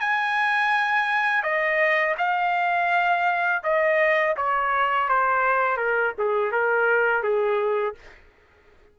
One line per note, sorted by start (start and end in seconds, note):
0.00 1.43 G#5
1.43 2.15 D#5
2.18 3.62 F5
3.63 4.36 D#5
4.37 5.09 C#5
5.09 5.77 C5
5.77 6.13 A#4
6.18 6.52 G#4
6.52 7.23 A#4
7.23 7.95 G#4